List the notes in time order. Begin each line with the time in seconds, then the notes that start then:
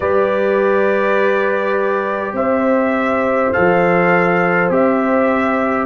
0.00 G3 G4 B4 D5
2.32 C4 C5 E5
3.52 F3 A4 F5
4.69 C4 G4 E5